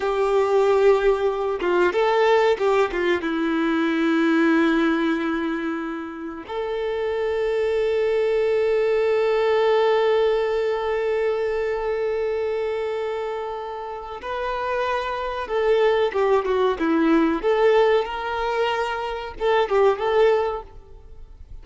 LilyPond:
\new Staff \with { instrumentName = "violin" } { \time 4/4 \tempo 4 = 93 g'2~ g'8 f'8 a'4 | g'8 f'8 e'2.~ | e'2 a'2~ | a'1~ |
a'1~ | a'2 b'2 | a'4 g'8 fis'8 e'4 a'4 | ais'2 a'8 g'8 a'4 | }